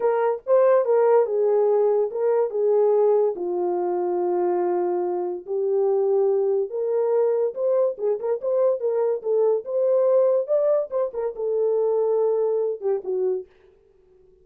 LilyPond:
\new Staff \with { instrumentName = "horn" } { \time 4/4 \tempo 4 = 143 ais'4 c''4 ais'4 gis'4~ | gis'4 ais'4 gis'2 | f'1~ | f'4 g'2. |
ais'2 c''4 gis'8 ais'8 | c''4 ais'4 a'4 c''4~ | c''4 d''4 c''8 ais'8 a'4~ | a'2~ a'8 g'8 fis'4 | }